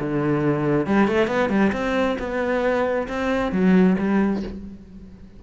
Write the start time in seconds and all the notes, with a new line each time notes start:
0.00 D3
0.86 G3
1.07 A3
1.27 B3
1.49 G3
1.72 C4
2.19 B3
3.08 C4
3.52 F#3
3.98 G3